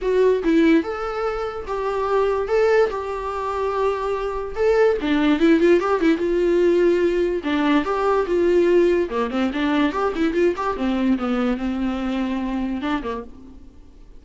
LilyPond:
\new Staff \with { instrumentName = "viola" } { \time 4/4 \tempo 4 = 145 fis'4 e'4 a'2 | g'2 a'4 g'4~ | g'2. a'4 | d'4 e'8 f'8 g'8 e'8 f'4~ |
f'2 d'4 g'4 | f'2 ais8 c'8 d'4 | g'8 e'8 f'8 g'8 c'4 b4 | c'2. d'8 ais8 | }